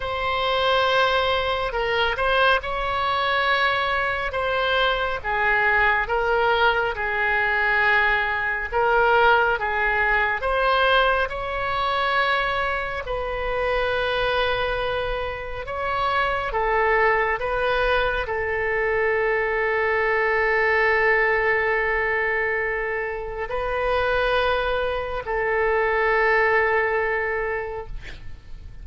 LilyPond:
\new Staff \with { instrumentName = "oboe" } { \time 4/4 \tempo 4 = 69 c''2 ais'8 c''8 cis''4~ | cis''4 c''4 gis'4 ais'4 | gis'2 ais'4 gis'4 | c''4 cis''2 b'4~ |
b'2 cis''4 a'4 | b'4 a'2.~ | a'2. b'4~ | b'4 a'2. | }